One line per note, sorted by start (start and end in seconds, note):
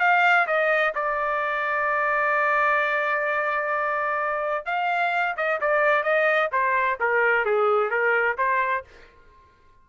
0.00 0.47 F5
0.47 0.94 D#5
0.95 4.66 D5
4.66 5.36 F5
5.37 5.60 D#5
5.61 6.04 D5
6.04 6.50 D#5
6.52 6.99 C5
7.00 7.45 A#4
7.45 7.91 G#4
7.91 8.37 A#4
8.38 8.85 C5